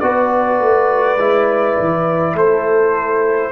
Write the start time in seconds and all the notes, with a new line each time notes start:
0.00 B3 F#4 B4 D5
0.59 A3
1.17 G#3 E4
1.79 E3
2.34 A3 A4 C5